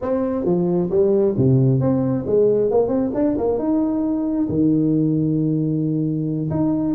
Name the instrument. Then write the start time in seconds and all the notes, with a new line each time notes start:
tuba
0.01 C4
0.44 F3
0.90 G3
1.37 C3
1.80 C4
2.26 G#3
2.70 A#3
2.88 C4
3.14 D4
3.37 A#3
3.58 D#4
4.48 D#3
6.50 D#4